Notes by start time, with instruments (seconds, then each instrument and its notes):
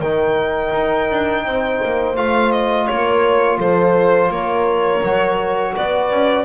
0.00 double bass D#3, trombone D#4, horn A#4, violin G5
0.74 double bass D#4
1.11 double bass D4
1.45 double bass C4, horn C5
1.85 double bass A#3
2.16 double bass A3, trombone F4, violin F5
2.52 violin D#5
2.87 double bass A#3, horn A#4, violin C#5
3.58 double bass F3, horn A4, violin C5
4.29 double bass A#3, horn A#4, violin C#5
5.03 double bass F#3, trombone F#4
5.76 double bass B3, horn B4, violin D5
6.11 double bass C#4